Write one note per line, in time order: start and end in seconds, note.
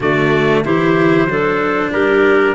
0.00 0.63 D3
0.00 0.64 A3
0.00 0.61 F#4
0.00 0.64 D5
0.64 1.25 E3
0.64 1.28 E4
0.64 1.28 G4
0.64 1.92 C5
1.25 1.89 F#3
1.25 2.54 D4
1.25 1.90 A4
1.90 2.54 G3
1.90 2.54 G4
1.90 2.54 A#4